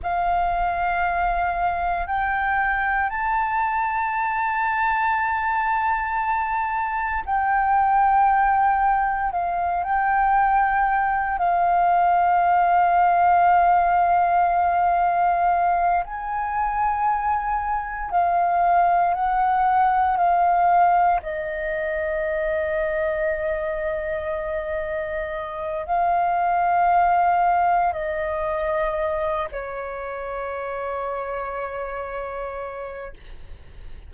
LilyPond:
\new Staff \with { instrumentName = "flute" } { \time 4/4 \tempo 4 = 58 f''2 g''4 a''4~ | a''2. g''4~ | g''4 f''8 g''4. f''4~ | f''2.~ f''8 gis''8~ |
gis''4. f''4 fis''4 f''8~ | f''8 dis''2.~ dis''8~ | dis''4 f''2 dis''4~ | dis''8 cis''2.~ cis''8 | }